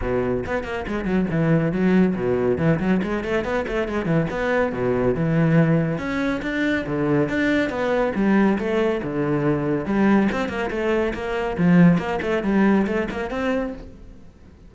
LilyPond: \new Staff \with { instrumentName = "cello" } { \time 4/4 \tempo 4 = 140 b,4 b8 ais8 gis8 fis8 e4 | fis4 b,4 e8 fis8 gis8 a8 | b8 a8 gis8 e8 b4 b,4 | e2 cis'4 d'4 |
d4 d'4 b4 g4 | a4 d2 g4 | c'8 ais8 a4 ais4 f4 | ais8 a8 g4 a8 ais8 c'4 | }